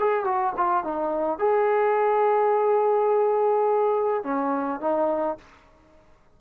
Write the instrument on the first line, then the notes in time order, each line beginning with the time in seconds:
trombone
0.00 G#4
0.25 F#4
0.57 F4
0.84 D#4
1.39 G#4
4.24 C#4
4.81 D#4